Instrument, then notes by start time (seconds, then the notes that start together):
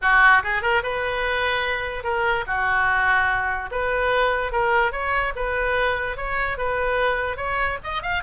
oboe
0.01 F#4
0.43 G#4
0.62 A#4
0.82 B4
2.03 A#4
2.47 F#4
3.71 B4
4.52 A#4
4.92 C#5
5.35 B4
6.16 C#5
6.57 B4
7.37 C#5
7.83 D#5
8.02 F5